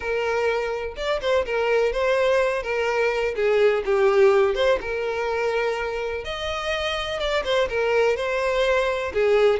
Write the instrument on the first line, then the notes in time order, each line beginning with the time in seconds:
violin
0.00 A#4
0.96 D5
1.21 C5
1.45 A#4
1.92 C5
2.62 A#4
3.35 G#4
3.85 G4
4.54 C5
4.80 A#4
6.24 D#5
7.19 D5
7.44 C5
7.69 A#4
8.16 C5
9.13 G#4